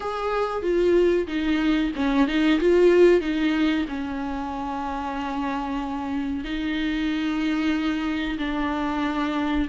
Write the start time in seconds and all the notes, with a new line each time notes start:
0.00 G#4
0.62 F4
1.27 D#4
1.95 C#4
2.27 D#4
2.60 F4
3.21 D#4
3.88 C#4
6.44 D#4
8.38 D4